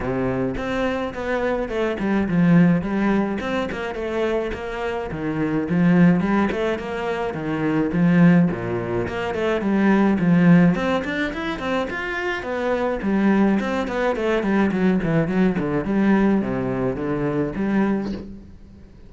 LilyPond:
\new Staff \with { instrumentName = "cello" } { \time 4/4 \tempo 4 = 106 c4 c'4 b4 a8 g8 | f4 g4 c'8 ais8 a4 | ais4 dis4 f4 g8 a8 | ais4 dis4 f4 ais,4 |
ais8 a8 g4 f4 c'8 d'8 | e'8 c'8 f'4 b4 g4 | c'8 b8 a8 g8 fis8 e8 fis8 d8 | g4 c4 d4 g4 | }